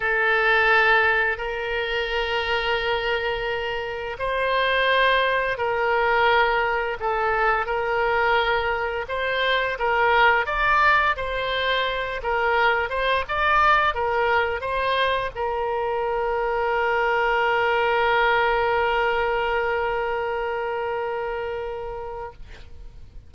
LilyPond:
\new Staff \with { instrumentName = "oboe" } { \time 4/4 \tempo 4 = 86 a'2 ais'2~ | ais'2 c''2 | ais'2 a'4 ais'4~ | ais'4 c''4 ais'4 d''4 |
c''4. ais'4 c''8 d''4 | ais'4 c''4 ais'2~ | ais'1~ | ais'1 | }